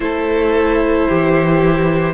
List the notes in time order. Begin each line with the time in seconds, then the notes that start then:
0.00 A3 E4 A4 C5
1.08 E3 G4